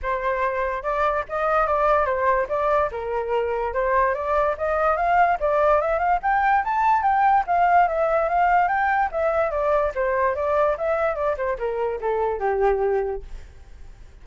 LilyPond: \new Staff \with { instrumentName = "flute" } { \time 4/4 \tempo 4 = 145 c''2 d''4 dis''4 | d''4 c''4 d''4 ais'4~ | ais'4 c''4 d''4 dis''4 | f''4 d''4 e''8 f''8 g''4 |
a''4 g''4 f''4 e''4 | f''4 g''4 e''4 d''4 | c''4 d''4 e''4 d''8 c''8 | ais'4 a'4 g'2 | }